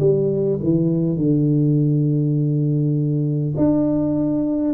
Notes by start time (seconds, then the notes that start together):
0.00 G3
0.64 E3
1.17 D3
3.57 D4